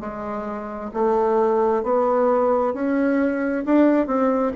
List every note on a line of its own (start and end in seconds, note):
0.00 0.91 G#3
0.93 1.83 A3
1.83 2.74 B3
2.74 3.64 C#4
3.65 4.07 D4
4.07 4.52 C4